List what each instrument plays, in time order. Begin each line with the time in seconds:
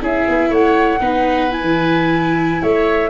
0.00 tuba C#4, viola E4, oboe G#4, flute E5
0.29 tuba B3
0.50 tuba A3, oboe C#5, flute F#5
1.01 tuba B3, viola D#4, oboe B4
1.50 viola E4, flute G#5
1.62 tuba E3
2.62 tuba A3, oboe C#5, flute E5